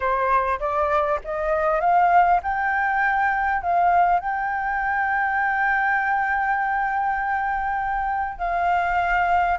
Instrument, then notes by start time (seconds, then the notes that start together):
flute
0.00 C5
0.59 D5
1.24 D#5
1.80 F5
2.42 G5
3.62 F5
4.19 G5
8.38 F5